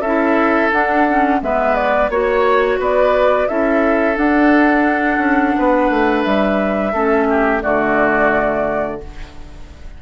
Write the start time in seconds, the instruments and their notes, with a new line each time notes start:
0.00 bassoon C#4, clarinet E4, oboe A4, flute E5
0.72 clarinet D4, bassoon D4, flute F#5
1.08 clarinet C#4
1.41 bassoon G#3, clarinet B3, oboe B4, flute E5
1.74 flute D5
2.09 bassoon A#3, clarinet F#4, flute C#5, oboe C#5
2.78 bassoon B3, oboe B4, flute D5
3.48 bassoon C#4, clarinet E4, oboe A4, flute E5
4.15 clarinet D4, bassoon D4, flute F#5
5.18 bassoon C#4
5.57 bassoon B3, oboe B4
5.89 bassoon A3
6.23 bassoon G3, flute E5
6.92 bassoon A3, clarinet C#4, oboe A4
7.29 oboe G4
7.61 bassoon D3, clarinet A3, oboe F#4, flute D5